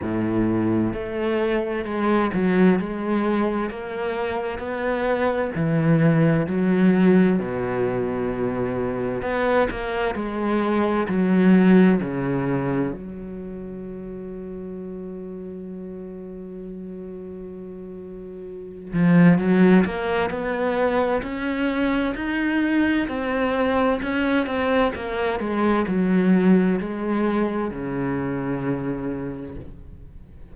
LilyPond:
\new Staff \with { instrumentName = "cello" } { \time 4/4 \tempo 4 = 65 a,4 a4 gis8 fis8 gis4 | ais4 b4 e4 fis4 | b,2 b8 ais8 gis4 | fis4 cis4 fis2~ |
fis1~ | fis8 f8 fis8 ais8 b4 cis'4 | dis'4 c'4 cis'8 c'8 ais8 gis8 | fis4 gis4 cis2 | }